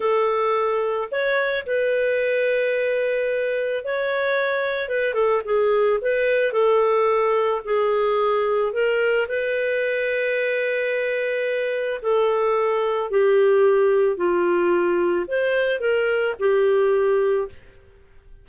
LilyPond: \new Staff \with { instrumentName = "clarinet" } { \time 4/4 \tempo 4 = 110 a'2 cis''4 b'4~ | b'2. cis''4~ | cis''4 b'8 a'8 gis'4 b'4 | a'2 gis'2 |
ais'4 b'2.~ | b'2 a'2 | g'2 f'2 | c''4 ais'4 g'2 | }